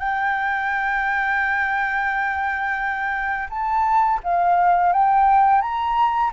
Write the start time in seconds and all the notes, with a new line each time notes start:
0.00 G5
3.50 A5
4.24 F5
4.93 G5
5.62 A#5